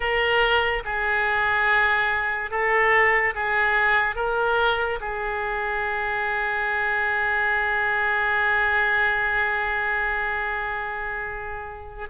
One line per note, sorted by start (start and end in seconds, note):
0.00 0.83 A#4
0.84 2.50 G#4
2.50 3.34 A4
3.34 4.15 G#4
4.15 4.98 A#4
5.00 12.08 G#4